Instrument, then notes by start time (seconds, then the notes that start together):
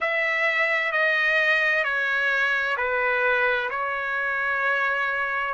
trumpet
0.00 E5
0.92 D#5
1.84 C#5
2.77 B4
3.69 C#5